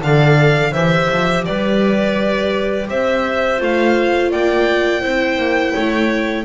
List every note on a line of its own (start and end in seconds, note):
0.00 0.73 D3
0.00 0.71 A4
0.00 0.72 D5
0.00 0.73 F5
0.72 1.10 E3
0.72 3.58 G4
0.72 1.44 C5
0.72 1.45 E5
1.11 1.47 F3
1.45 2.90 G3
1.45 2.90 B4
1.45 2.88 D5
2.90 3.61 C4
2.90 4.31 C5
2.90 3.61 E5
3.58 4.32 A3
3.58 5.01 F4
3.58 4.32 F5
4.31 5.03 A#3
4.31 5.01 D5
4.31 6.46 G5
5.01 5.38 C4
5.01 6.44 E4
5.01 5.73 C5
5.38 5.74 A#3
5.73 6.46 A3
5.73 6.45 C#5